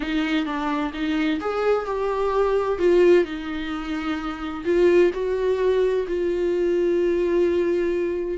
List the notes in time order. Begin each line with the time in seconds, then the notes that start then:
0.00 D#4
0.45 D4
0.93 D#4
1.40 G#4
1.85 G4
2.78 F4
3.24 D#4
4.64 F4
5.13 F#4
6.07 F4